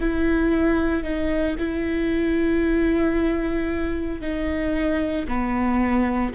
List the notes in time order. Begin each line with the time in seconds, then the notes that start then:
0.00 E4
1.03 D#4
1.58 E4
4.21 D#4
5.28 B3